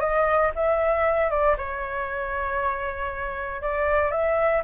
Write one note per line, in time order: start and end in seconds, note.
0.00 0.51 D#5
0.55 1.30 E5
1.30 1.56 D5
1.58 3.62 C#5
3.62 4.11 D5
4.11 4.62 E5